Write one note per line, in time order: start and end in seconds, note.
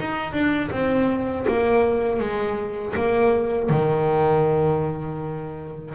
0.00 0.33 D#4
0.33 0.71 D4
0.72 1.47 C4
1.48 2.20 A#3
2.20 2.95 G#3
2.96 3.70 A#3
3.70 5.95 D#3